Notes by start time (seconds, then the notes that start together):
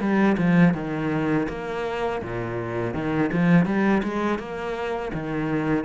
0.00 G3
0.38 F3
0.75 D#3
1.49 A#3
2.23 A#2
2.94 D#3
3.33 F3
3.66 G3
4.03 G#3
4.39 A#3
5.14 D#3